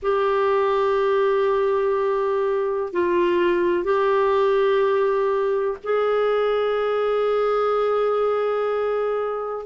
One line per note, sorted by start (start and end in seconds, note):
0.02 2.93 G4
2.93 3.84 F4
3.84 5.77 G4
5.83 9.65 G#4